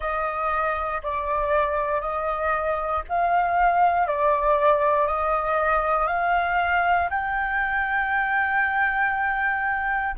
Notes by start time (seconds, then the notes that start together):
0.00 D#5
1.03 D5
2.01 D#5
3.08 F5
4.07 D5
5.06 D#5
6.07 F5
7.10 G5